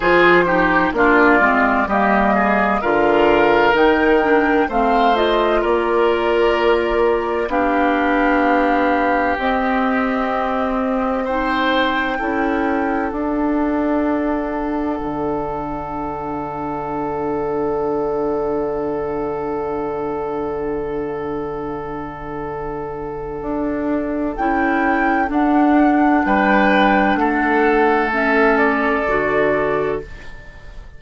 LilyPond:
<<
  \new Staff \with { instrumentName = "flute" } { \time 4/4 \tempo 4 = 64 c''4 d''4 dis''4 f''4 | g''4 f''8 dis''8 d''2 | f''2 dis''2 | g''2 fis''2~ |
fis''1~ | fis''1~ | fis''2 g''4 fis''4 | g''4 fis''4 e''8 d''4. | }
  \new Staff \with { instrumentName = "oboe" } { \time 4/4 gis'8 g'8 f'4 g'8 gis'8 ais'4~ | ais'4 c''4 ais'2 | g'1 | c''4 a'2.~ |
a'1~ | a'1~ | a'1 | b'4 a'2. | }
  \new Staff \with { instrumentName = "clarinet" } { \time 4/4 f'8 dis'8 d'8 c'8 ais4 f'4 | dis'8 d'8 c'8 f'2~ f'8 | d'2 c'2 | dis'4 e'4 d'2~ |
d'1~ | d'1~ | d'2 e'4 d'4~ | d'2 cis'4 fis'4 | }
  \new Staff \with { instrumentName = "bassoon" } { \time 4/4 f4 ais8 gis8 g4 d4 | dis4 a4 ais2 | b2 c'2~ | c'4 cis'4 d'2 |
d1~ | d1~ | d4 d'4 cis'4 d'4 | g4 a2 d4 | }
>>